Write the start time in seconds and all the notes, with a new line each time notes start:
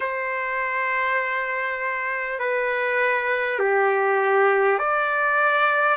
0.00 C5
2.39 B4
3.59 G4
4.78 D5